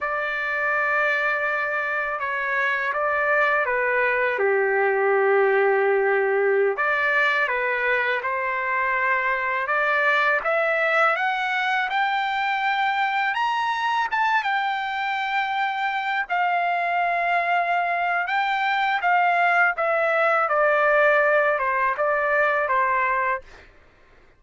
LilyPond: \new Staff \with { instrumentName = "trumpet" } { \time 4/4 \tempo 4 = 82 d''2. cis''4 | d''4 b'4 g'2~ | g'4~ g'16 d''4 b'4 c''8.~ | c''4~ c''16 d''4 e''4 fis''8.~ |
fis''16 g''2 ais''4 a''8 g''16~ | g''2~ g''16 f''4.~ f''16~ | f''4 g''4 f''4 e''4 | d''4. c''8 d''4 c''4 | }